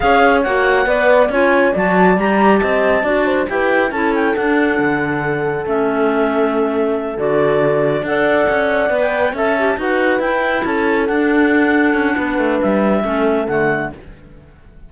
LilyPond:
<<
  \new Staff \with { instrumentName = "clarinet" } { \time 4/4 \tempo 4 = 138 f''4 fis''2 gis''4 | a''4 ais''4 a''2 | g''4 a''8 g''8 fis''2~ | fis''4 e''2.~ |
e''8 d''2 fis''4.~ | fis''8. g''8. a''4 fis''4 g''8~ | g''8 a''4 fis''2~ fis''8~ | fis''4 e''2 fis''4 | }
  \new Staff \with { instrumentName = "horn" } { \time 4/4 cis''2 d''4 cis''4 | d''2 dis''4 d''8 c''8 | b'4 a'2.~ | a'1~ |
a'2~ a'8 d''4.~ | d''4. e''4 b'4.~ | b'8 a'2.~ a'8 | b'2 a'2 | }
  \new Staff \with { instrumentName = "clarinet" } { \time 4/4 gis'4 fis'4 b'4 f'4 | fis'4 g'2 fis'4 | g'4 e'4 d'2~ | d'4 cis'2.~ |
cis'8 fis'2 a'4.~ | a'8 b'4 a'8 g'8 fis'4 e'8~ | e'4. d'2~ d'8~ | d'2 cis'4 a4 | }
  \new Staff \with { instrumentName = "cello" } { \time 4/4 cis'4 ais4 b4 cis'4 | fis4 g4 c'4 d'4 | e'4 cis'4 d'4 d4~ | d4 a2.~ |
a8 d2 d'4 cis'8~ | cis'8 b4 cis'4 dis'4 e'8~ | e'8 cis'4 d'2 cis'8 | b8 a8 g4 a4 d4 | }
>>